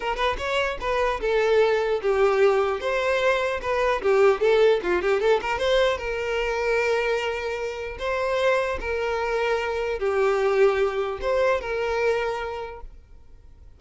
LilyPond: \new Staff \with { instrumentName = "violin" } { \time 4/4 \tempo 4 = 150 ais'8 b'8 cis''4 b'4 a'4~ | a'4 g'2 c''4~ | c''4 b'4 g'4 a'4 | f'8 g'8 a'8 ais'8 c''4 ais'4~ |
ais'1 | c''2 ais'2~ | ais'4 g'2. | c''4 ais'2. | }